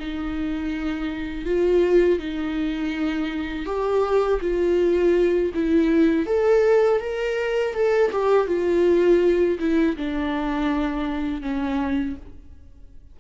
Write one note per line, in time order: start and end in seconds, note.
0.00 1.46 D#4
1.46 2.20 F4
2.20 3.66 D#4
3.66 4.40 G4
4.41 5.53 F4
5.55 6.27 E4
6.27 7.01 A4
7.01 7.74 A#4
7.74 8.11 A4
8.12 8.47 G4
8.47 9.59 F4
9.60 9.97 E4
9.97 11.42 D4
11.42 12.16 C#4